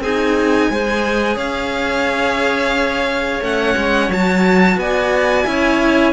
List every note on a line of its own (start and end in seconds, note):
0.00 0.68 C4
0.00 0.72 D#4
0.00 0.70 G#4
0.00 1.38 G#5
0.70 1.37 G#3
0.70 3.43 G#4
0.70 1.37 C5
1.37 3.41 C#4
1.37 4.78 C#5
1.37 3.43 F5
3.41 3.75 A3
3.41 4.11 C#4
3.41 4.12 F#5
3.77 4.09 G#3
4.09 4.77 F#3
4.09 5.45 F#4
4.09 4.79 A5
4.77 5.45 B3
4.77 5.48 D5
4.77 6.13 G#5
5.45 6.13 C#4
5.45 6.13 E4
5.45 6.13 C#5